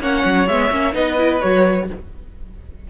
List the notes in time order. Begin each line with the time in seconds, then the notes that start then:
0.00 A#3 C#4 C#5 F#5
0.25 F#3
0.47 G#3 B3 E5
0.71 A#3 C#4
0.93 B3 D#4 B4 D#5
1.18 E4
1.41 F#3 F#4 C#5